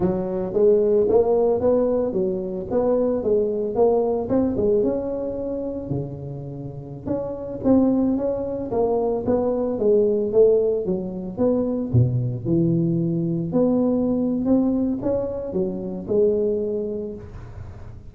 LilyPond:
\new Staff \with { instrumentName = "tuba" } { \time 4/4 \tempo 4 = 112 fis4 gis4 ais4 b4 | fis4 b4 gis4 ais4 | c'8 gis8 cis'2 cis4~ | cis4~ cis16 cis'4 c'4 cis'8.~ |
cis'16 ais4 b4 gis4 a8.~ | a16 fis4 b4 b,4 e8.~ | e4~ e16 b4.~ b16 c'4 | cis'4 fis4 gis2 | }